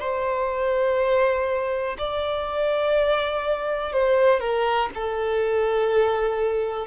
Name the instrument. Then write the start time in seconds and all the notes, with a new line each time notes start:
violin
0.00 C5
1.98 D5
3.93 C5
4.40 A#4
4.94 A4